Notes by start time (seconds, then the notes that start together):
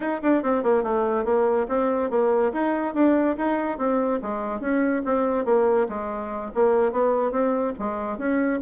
0.00 D#4
0.22 D4
0.43 C4
0.63 A#3
0.83 A3
1.25 A#3
1.68 C4
2.10 A#3
2.52 D#4
2.94 D4
3.37 D#4
3.78 C4
4.22 G#3
4.60 C#4
5.05 C4
5.45 A#3
5.88 G#3
6.54 A#3
6.92 B3
7.31 C4
7.78 G#3
8.17 C#4